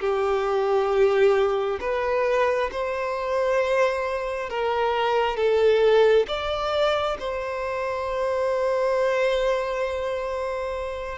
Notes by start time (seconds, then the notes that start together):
0.00 G4
1.80 B4
2.72 C5
4.50 A#4
5.37 A4
6.28 D5
7.19 C5